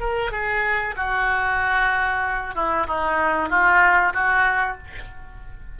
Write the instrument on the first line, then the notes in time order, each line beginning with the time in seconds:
oboe
0.00 A#4
0.32 G#4
0.97 F#4
2.55 E4
2.87 D#4
3.50 F4
4.14 F#4